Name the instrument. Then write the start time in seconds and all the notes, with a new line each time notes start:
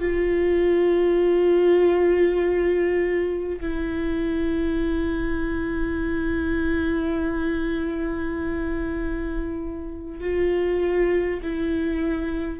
viola
0.00 F4
3.61 E4
10.21 F4
11.43 E4